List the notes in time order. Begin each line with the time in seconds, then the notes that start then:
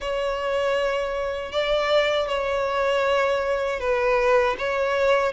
0.00 C#5
1.52 D5
2.28 C#5
3.80 B4
4.58 C#5